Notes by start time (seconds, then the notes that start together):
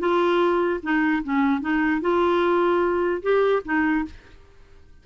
0.00 F4
0.83 D#4
1.24 C#4
1.61 D#4
2.01 F4
3.23 G4
3.65 D#4